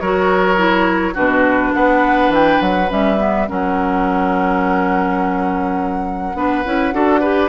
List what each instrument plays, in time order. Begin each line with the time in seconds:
0.00 bassoon F#3, clarinet F#4, oboe A#4, flute C#5
0.57 clarinet E4
1.14 bassoon B2, clarinet D4, oboe F#4, flute B4
1.74 bassoon B3, oboe B4, flute F#5
2.29 bassoon E3, flute G5
2.61 bassoon F#3, flute F#5
2.88 bassoon G3, clarinet C#4, flute E5
3.18 clarinet B3
3.47 bassoon F#3, clarinet C#4, oboe A#4, flute F#5
6.34 bassoon B3, clarinet D4, oboe B4
6.65 bassoon C#4, clarinet E4
6.93 bassoon D4, clarinet F#4, oboe A4
7.20 clarinet G4, oboe B4